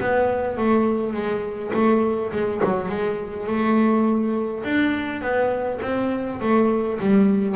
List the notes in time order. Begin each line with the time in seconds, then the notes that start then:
0.00 B3
0.57 A3
1.13 G#3
1.73 A3
2.32 G#3
2.63 F#3
2.88 G#3
3.47 A3
4.64 D4
5.21 B3
5.82 C4
6.41 A3
7.00 G3